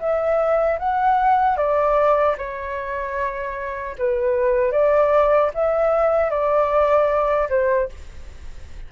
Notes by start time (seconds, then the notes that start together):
0.00 E5
0.80 F#5
1.58 D5
2.38 C#5
3.99 B4
4.72 D5
5.54 E5
6.31 D5
7.50 C5